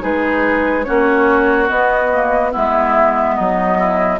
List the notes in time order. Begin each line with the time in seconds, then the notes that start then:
0.00 G#3 D#4 G#4 B4
0.84 A#3 C#4 F#4 C#5
1.67 B3 D#5
2.13 A#3
2.51 G#3 B3 E4 E5
3.36 F#3 D#4 D#5
3.79 E4